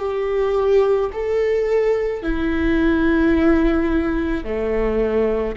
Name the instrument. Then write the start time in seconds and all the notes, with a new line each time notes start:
viola
0.00 G4
1.13 A4
2.23 E4
4.44 A3